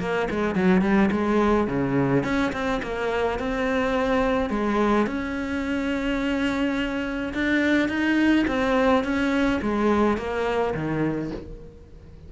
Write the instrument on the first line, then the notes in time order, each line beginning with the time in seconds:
cello
0.00 A#3
0.30 G#3
0.55 F#3
0.82 G3
1.12 G#3
1.67 C#3
2.24 C#4
2.53 C4
2.83 A#3
3.39 C4
4.50 G#3
5.07 C#4
7.34 D4
7.89 D#4
8.48 C4
9.04 C#4
9.62 G#3
10.18 A#3
10.74 D#3